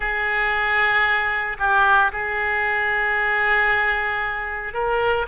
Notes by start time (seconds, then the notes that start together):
0.00 G#4
1.58 G4
2.12 G#4
4.73 A#4